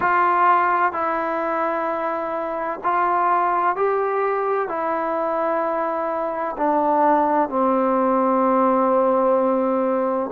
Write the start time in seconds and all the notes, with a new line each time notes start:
0.00 F4
0.92 E4
2.83 F4
3.75 G4
4.68 E4
6.57 D4
7.49 C4